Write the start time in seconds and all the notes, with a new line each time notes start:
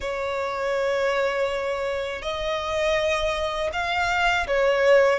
0.00 C#5
2.22 D#5
3.72 F5
4.47 C#5